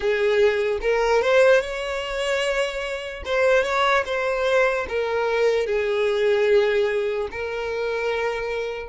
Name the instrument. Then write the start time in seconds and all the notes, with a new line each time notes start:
violin
0.00 G#4
0.81 A#4
1.22 C5
1.61 C#5
3.25 C5
3.63 C#5
4.05 C5
4.89 A#4
5.66 G#4
7.31 A#4